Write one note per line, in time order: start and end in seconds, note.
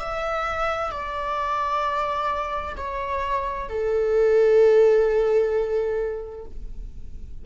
0.00 0.91 E5
0.91 2.76 D5
2.77 3.68 C#5
3.68 6.45 A4